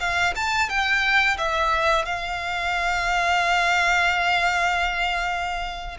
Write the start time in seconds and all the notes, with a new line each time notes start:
0.00 F5
0.36 A5
0.69 G5
1.38 E5
2.05 F5